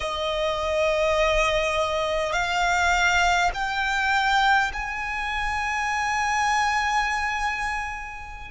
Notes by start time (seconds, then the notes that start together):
0.00 D#5
2.33 F5
3.53 G5
4.73 G#5